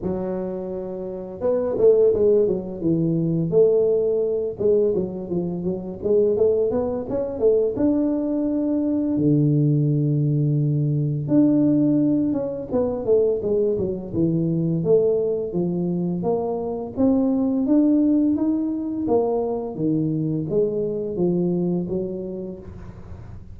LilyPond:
\new Staff \with { instrumentName = "tuba" } { \time 4/4 \tempo 4 = 85 fis2 b8 a8 gis8 fis8 | e4 a4. gis8 fis8 f8 | fis8 gis8 a8 b8 cis'8 a8 d'4~ | d'4 d2. |
d'4. cis'8 b8 a8 gis8 fis8 | e4 a4 f4 ais4 | c'4 d'4 dis'4 ais4 | dis4 gis4 f4 fis4 | }